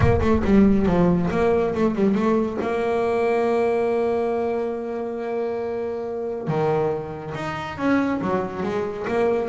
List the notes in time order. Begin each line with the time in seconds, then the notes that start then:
0.00 A#3
0.21 A3
0.44 G3
0.86 F3
1.30 A#3
1.74 A3
1.95 G3
2.14 A3
2.61 A#3
6.47 D#3
7.35 D#4
7.77 C#4
8.21 F#3
8.63 G#3
9.07 A#3